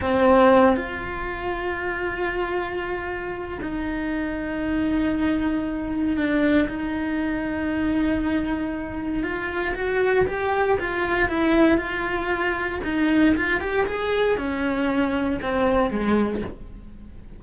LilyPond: \new Staff \with { instrumentName = "cello" } { \time 4/4 \tempo 4 = 117 c'4. f'2~ f'8~ | f'2. dis'4~ | dis'1 | d'4 dis'2.~ |
dis'2 f'4 fis'4 | g'4 f'4 e'4 f'4~ | f'4 dis'4 f'8 g'8 gis'4 | cis'2 c'4 gis4 | }